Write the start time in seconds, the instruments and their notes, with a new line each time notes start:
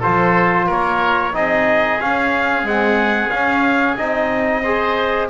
0.00 trombone F4, oboe A4, trumpet C5
0.07 double bass F3
0.67 double bass A#3, oboe A#4, trumpet C#5
1.33 double bass C4, trombone D#4, oboe G#4, trumpet D#5
2.01 double bass C#4, trombone C#4, trumpet F5
2.63 trombone G#3, double bass C4, trumpet F#5
3.30 double bass C#4, trombone C#4, trumpet F5
3.98 double bass C4, trombone D#4, trumpet D#5
4.63 trombone G#4, oboe C5